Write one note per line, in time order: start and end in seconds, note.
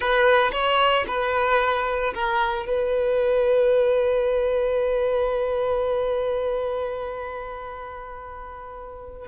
0.00 0.51 B4
0.52 1.05 C#5
1.07 2.13 B4
2.14 2.65 A#4
2.65 9.28 B4